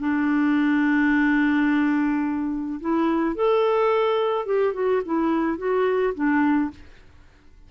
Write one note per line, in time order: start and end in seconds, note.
0.00 2.80 D4
2.81 3.35 E4
3.35 4.46 A4
4.46 4.74 G4
4.74 5.02 F#4
5.05 5.58 E4
5.58 6.14 F#4
6.15 6.71 D4